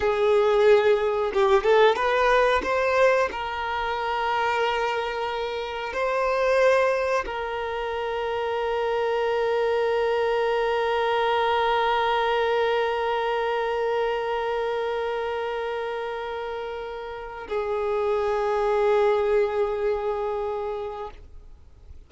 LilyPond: \new Staff \with { instrumentName = "violin" } { \time 4/4 \tempo 4 = 91 gis'2 g'8 a'8 b'4 | c''4 ais'2.~ | ais'4 c''2 ais'4~ | ais'1~ |
ais'1~ | ais'1~ | ais'2~ ais'8 gis'4.~ | gis'1 | }